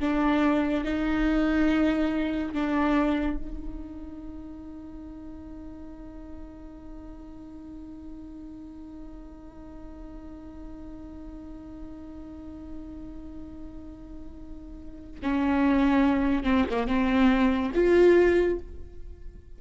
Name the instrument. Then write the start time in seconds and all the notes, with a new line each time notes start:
viola
0.00 D4
0.84 D#4
2.53 D4
3.37 D#4
15.22 C#4
16.43 C4
16.70 A#3
16.87 C4
17.74 F4